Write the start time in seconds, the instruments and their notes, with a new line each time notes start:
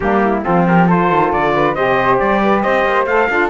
0.00 cello G3, saxophone A#3, flute D4, trumpet G4
0.23 flute E4
0.43 cello F3, saxophone C4, flute F4, trumpet A4
0.67 flute G4, trumpet A#4
0.87 saxophone F4, flute A4, trumpet C5
1.10 cello D#3
1.32 cello D3, trumpet D5
1.53 flute B4
1.74 cello C3, saxophone G4, flute C5, trumpet D#5
2.19 cello G3, trumpet D5
2.41 flute B4
2.61 cello C4, flute C5, trumpet D#5
2.85 cello A#3
3.06 cello A3, saxophone A4, trumpet F5
3.29 cello D4, saxophone F4, flute A4